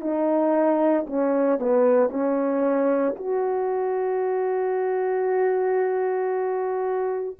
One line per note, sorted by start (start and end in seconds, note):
0.00 1.05 D#4
1.06 1.59 C#4
1.59 2.10 B3
2.10 3.15 C#4
3.15 7.36 F#4